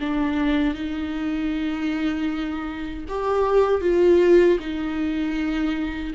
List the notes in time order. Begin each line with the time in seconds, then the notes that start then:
0.00 D4
0.75 D#4
3.08 G4
3.81 F4
4.60 D#4